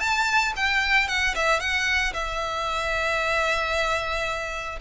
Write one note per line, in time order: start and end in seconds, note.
0.00 0.53 A5
0.56 1.08 G5
1.08 1.35 F#5
1.35 1.60 E5
1.60 2.13 F#5
2.14 4.79 E5